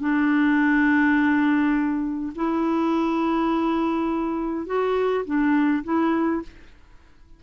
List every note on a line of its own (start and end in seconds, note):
0.00 2.33 D4
2.35 4.67 E4
4.67 5.25 F#4
5.25 5.83 D4
5.84 6.42 E4